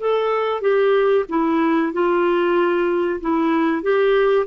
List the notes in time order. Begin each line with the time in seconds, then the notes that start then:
0.00 A4
0.61 G4
1.29 E4
1.93 F4
3.21 E4
3.82 G4